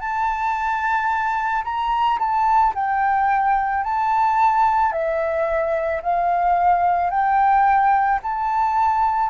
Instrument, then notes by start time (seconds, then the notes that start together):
flute
0.00 A5
1.65 A#5
2.20 A5
2.75 G5
3.84 A5
4.93 E5
6.03 F5
7.11 G5
8.23 A5